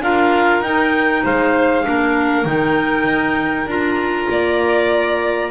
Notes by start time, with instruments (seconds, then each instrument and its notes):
0.00 double bass D4, clarinet F4 F5, violin A#4
0.61 double bass D#4, clarinet D#4 G5
1.24 double bass G#3, violin C5, clarinet F5
1.84 double bass A#3, clarinet D4, violin A#4
2.45 double bass D#3, clarinet D#4 G5
3.04 double bass D#4
3.66 double bass D4, clarinet F4 A#5
4.30 double bass A#3, violin D5